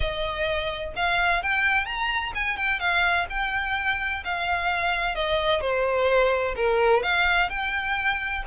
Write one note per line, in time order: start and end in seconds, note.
0.00 0.94 D#5
0.95 1.42 F5
1.42 1.85 G5
1.85 2.32 A#5
2.34 2.57 G#5
2.57 2.79 G5
2.79 3.26 F5
3.29 4.23 G5
4.24 5.15 F5
5.15 5.61 D#5
5.61 6.54 C5
6.56 7.02 A#4
7.02 7.49 F5
7.49 8.43 G5